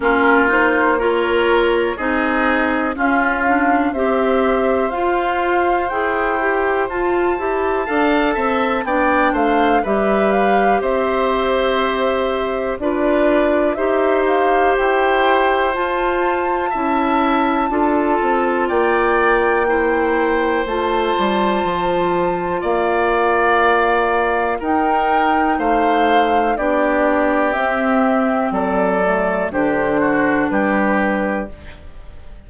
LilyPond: <<
  \new Staff \with { instrumentName = "flute" } { \time 4/4 \tempo 4 = 61 ais'8 c''8 cis''4 dis''4 f''4 | e''4 f''4 g''4 a''4~ | a''4 g''8 f''8 e''8 f''8 e''4~ | e''4 d''4 e''8 f''8 g''4 |
a''2. g''4~ | g''4 a''2 f''4~ | f''4 g''4 f''4 d''4 | e''4 d''4 c''4 b'4 | }
  \new Staff \with { instrumentName = "oboe" } { \time 4/4 f'4 ais'4 gis'4 f'4 | c''1 | f''8 e''8 d''8 c''8 b'4 c''4~ | c''4 b'4 c''2~ |
c''4 e''4 a'4 d''4 | c''2. d''4~ | d''4 ais'4 c''4 g'4~ | g'4 a'4 g'8 fis'8 g'4 | }
  \new Staff \with { instrumentName = "clarinet" } { \time 4/4 cis'8 dis'8 f'4 dis'4 cis'8 d'8 | g'4 f'4 gis'8 g'8 f'8 g'8 | a'4 d'4 g'2~ | g'4 f'4 g'2 |
f'4 e'4 f'2 | e'4 f'2.~ | f'4 dis'2 d'4 | c'4. a8 d'2 | }
  \new Staff \with { instrumentName = "bassoon" } { \time 4/4 ais2 c'4 cis'4 | c'4 f'4 e'4 f'8 e'8 | d'8 c'8 b8 a8 g4 c'4~ | c'4 d'4 dis'4 e'4 |
f'4 cis'4 d'8 c'8 ais4~ | ais4 a8 g8 f4 ais4~ | ais4 dis'4 a4 b4 | c'4 fis4 d4 g4 | }
>>